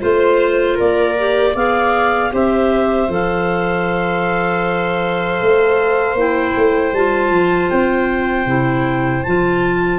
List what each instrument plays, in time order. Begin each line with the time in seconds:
0.00 tuba A3, clarinet F4 C5, viola C5
0.75 tuba A#3, viola A#4, clarinet D5
1.19 clarinet G4
1.54 tuba B3, clarinet G#4 F5, viola D5
2.32 tuba C4, clarinet G4 E5, viola C5
3.09 tuba F3, clarinet A4 F5
5.42 tuba A3
6.14 tuba A#3, clarinet E4 G5
6.56 tuba A3
6.93 tuba G3, clarinet F4 A5
7.31 tuba F3
7.71 tuba C4, clarinet G5
8.46 tuba C3, clarinet E4
9.24 tuba F3, clarinet F4 A5